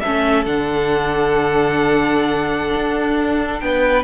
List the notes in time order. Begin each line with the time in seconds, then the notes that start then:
0.00 A3 C#4 A4 E5
0.46 D3 D4 F#5
2.75 D4
3.60 B3 B4 G5